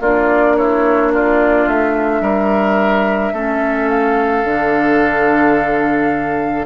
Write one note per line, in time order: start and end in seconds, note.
0.00 1.67 A#3
0.00 3.35 D4
0.00 0.56 F4
0.00 0.57 D5
0.57 1.12 E4
0.57 1.12 C#5
1.12 2.22 F4
1.12 1.68 D5
1.67 2.21 A3
1.67 3.89 E5
2.21 3.32 G3
2.21 3.33 A#4
3.33 4.44 A3
3.33 4.45 C#4
3.33 6.66 A4
3.89 6.66 F5
4.44 6.66 D3
4.44 6.66 D4